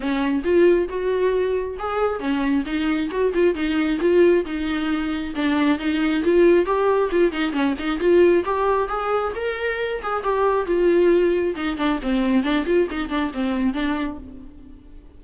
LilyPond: \new Staff \with { instrumentName = "viola" } { \time 4/4 \tempo 4 = 135 cis'4 f'4 fis'2 | gis'4 cis'4 dis'4 fis'8 f'8 | dis'4 f'4 dis'2 | d'4 dis'4 f'4 g'4 |
f'8 dis'8 cis'8 dis'8 f'4 g'4 | gis'4 ais'4. gis'8 g'4 | f'2 dis'8 d'8 c'4 | d'8 f'8 dis'8 d'8 c'4 d'4 | }